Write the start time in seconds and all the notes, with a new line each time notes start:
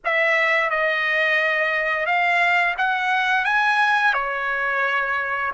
0.04 E5
0.70 D#5
2.06 F5
2.77 F#5
3.45 G#5
4.13 C#5